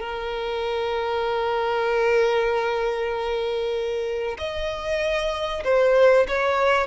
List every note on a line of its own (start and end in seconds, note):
0.00 4.38 A#4
4.38 5.63 D#5
5.64 6.26 C5
6.28 6.87 C#5